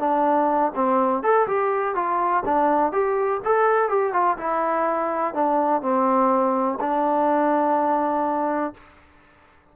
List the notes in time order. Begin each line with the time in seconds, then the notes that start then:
0.00 D4
0.75 C4
1.23 A4
1.48 G4
1.96 F4
2.46 D4
2.93 G4
3.45 A4
3.90 G4
4.13 F4
4.38 E4
5.35 D4
5.82 C4
6.81 D4